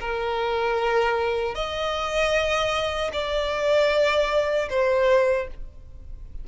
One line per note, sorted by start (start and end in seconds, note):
0.00 1.55 A#4
1.55 3.11 D#5
3.13 4.69 D5
4.70 5.48 C5